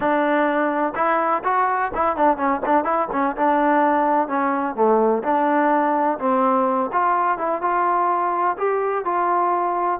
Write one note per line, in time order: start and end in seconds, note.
0.00 0.93 D4
0.95 1.42 E4
1.44 1.91 F#4
1.94 2.16 E4
2.16 2.37 D4
2.37 2.60 C#4
2.65 2.84 D4
2.84 3.08 E4
3.12 3.35 C#4
3.36 4.27 D4
4.27 4.75 C#4
4.75 5.22 A3
5.23 6.18 D4
6.19 6.90 C4
6.92 7.38 F4
7.38 7.61 E4
7.61 8.56 F4
8.57 9.05 G4
9.05 10.00 F4